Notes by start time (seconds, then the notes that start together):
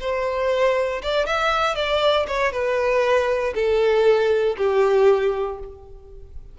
0.00 C5
1.02 D5
1.26 E5
1.75 D5
2.27 C#5
2.52 B4
3.54 A4
4.57 G4